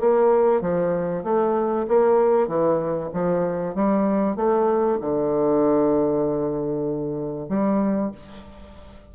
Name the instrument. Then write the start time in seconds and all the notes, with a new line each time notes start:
bassoon
0.00 A#3
0.61 F3
1.24 A3
1.88 A#3
2.48 E3
3.13 F3
3.75 G3
4.36 A3
5.01 D3
7.49 G3